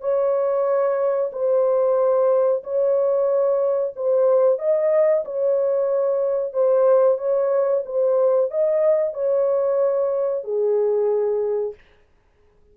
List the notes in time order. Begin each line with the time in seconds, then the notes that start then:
0.00 C#5
1.32 C5
2.64 C#5
3.96 C5
4.59 D#5
5.25 C#5
6.53 C5
7.18 C#5
7.86 C5
8.50 D#5
9.13 C#5
10.43 G#4